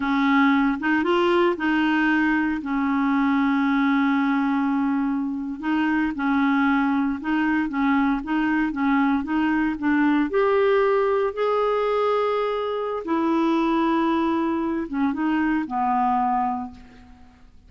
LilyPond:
\new Staff \with { instrumentName = "clarinet" } { \time 4/4 \tempo 4 = 115 cis'4. dis'8 f'4 dis'4~ | dis'4 cis'2.~ | cis'2~ cis'8. dis'4 cis'16~ | cis'4.~ cis'16 dis'4 cis'4 dis'16~ |
dis'8. cis'4 dis'4 d'4 g'16~ | g'4.~ g'16 gis'2~ gis'16~ | gis'4 e'2.~ | e'8 cis'8 dis'4 b2 | }